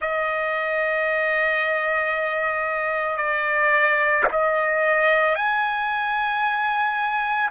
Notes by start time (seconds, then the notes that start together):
0.00 D#5
3.17 D5
4.31 D#5
5.35 G#5